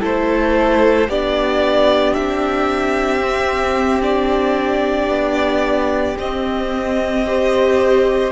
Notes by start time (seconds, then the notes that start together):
0.00 A3 E4 A4 C5
1.08 B3 D4 G4 D5
2.13 C4 E5
3.20 C4
4.01 D4 D5
5.08 B3
6.18 C4 D#5
7.26 G4 C5